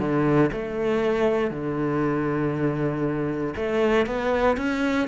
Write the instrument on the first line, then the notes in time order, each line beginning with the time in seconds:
cello
0.00 D3
0.53 A3
1.51 D3
3.56 A3
4.07 B3
4.58 C#4